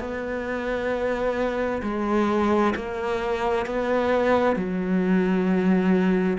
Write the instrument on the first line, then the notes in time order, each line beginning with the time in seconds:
cello
0.00 B3
1.83 G#3
2.76 A#3
3.67 B3
4.56 F#3